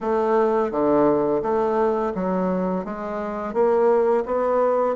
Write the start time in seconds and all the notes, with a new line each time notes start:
0.01 A3
0.71 D3
1.42 A3
2.14 F#3
2.84 G#3
3.53 A#3
4.25 B3